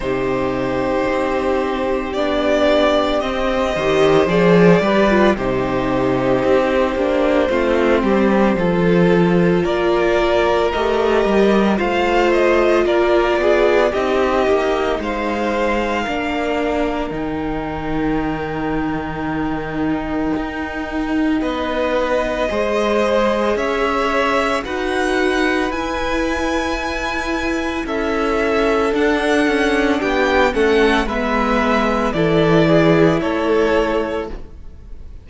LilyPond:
<<
  \new Staff \with { instrumentName = "violin" } { \time 4/4 \tempo 4 = 56 c''2 d''4 dis''4 | d''4 c''2.~ | c''4 d''4 dis''4 f''8 dis''8 | d''4 dis''4 f''2 |
g''1 | dis''2 e''4 fis''4 | gis''2 e''4 fis''4 | g''8 fis''8 e''4 d''4 cis''4 | }
  \new Staff \with { instrumentName = "violin" } { \time 4/4 g'2.~ g'8 c''8~ | c''8 b'8 g'2 f'8 g'8 | a'4 ais'2 c''4 | ais'8 gis'8 g'4 c''4 ais'4~ |
ais'1 | b'4 c''4 cis''4 b'4~ | b'2 a'2 | g'8 a'8 b'4 a'8 gis'8 a'4 | }
  \new Staff \with { instrumentName = "viola" } { \time 4/4 dis'2 d'4 c'8 g'8 | gis'8 g'16 f'16 dis'4. d'8 c'4 | f'2 g'4 f'4~ | f'4 dis'2 d'4 |
dis'1~ | dis'4 gis'2 fis'4 | e'2. d'4~ | d'8 cis'8 b4 e'2 | }
  \new Staff \with { instrumentName = "cello" } { \time 4/4 c4 c'4 b4 c'8 dis8 | f8 g8 c4 c'8 ais8 a8 g8 | f4 ais4 a8 g8 a4 | ais8 b8 c'8 ais8 gis4 ais4 |
dis2. dis'4 | b4 gis4 cis'4 dis'4 | e'2 cis'4 d'8 cis'8 | b8 a8 gis4 e4 a4 | }
>>